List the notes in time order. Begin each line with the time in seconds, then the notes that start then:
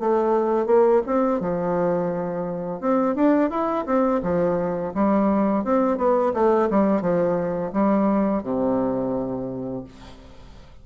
0.00 A3
0.66 A#3
1.06 C4
1.40 F3
2.80 C4
3.15 D4
3.50 E4
3.86 C4
4.23 F3
4.94 G3
5.64 C4
5.97 B3
6.34 A3
6.71 G3
7.02 F3
7.73 G3
8.43 C3